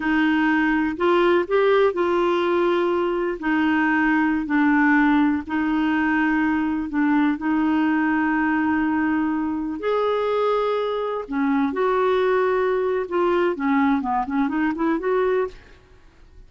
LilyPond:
\new Staff \with { instrumentName = "clarinet" } { \time 4/4 \tempo 4 = 124 dis'2 f'4 g'4 | f'2. dis'4~ | dis'4~ dis'16 d'2 dis'8.~ | dis'2~ dis'16 d'4 dis'8.~ |
dis'1~ | dis'16 gis'2. cis'8.~ | cis'16 fis'2~ fis'8. f'4 | cis'4 b8 cis'8 dis'8 e'8 fis'4 | }